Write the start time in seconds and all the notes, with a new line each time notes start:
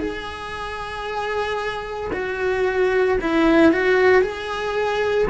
0.00 G#4
2.13 F#4
3.21 E4
3.72 F#4
4.22 G#4